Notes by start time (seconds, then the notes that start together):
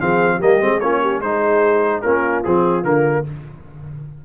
0.00 F3 C4 G#4 F5
0.36 G3 A#3 G4 D#5
0.61 G#3 C4
0.80 A#3 C#4 F4 C#5
1.02 G4
1.21 G#3 D#4 G#4 C5
2.02 A#3 C#4 F4 A#4
2.44 F3 C4 G#4
2.84 D3 A#3 A#4